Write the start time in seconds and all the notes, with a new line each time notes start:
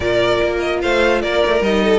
0.00 A#2 F4 A#4 D5
0.43 A#3
0.59 D#5
0.82 A3 C5 F5
1.21 A#3 A#4 D5
1.45 A3
1.60 G3 D#4 D#5
1.83 A4